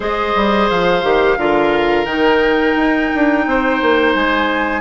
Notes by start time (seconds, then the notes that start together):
0.00 G#3 G#4 C5 D#5
0.35 G3
0.69 F3 F5
1.02 D#3 G4
1.37 D3 F4 A#4
2.05 D#3 D#4 G5
2.76 D#4
3.14 D4
3.46 C4 C5
3.81 A#3
4.14 G#3 G#5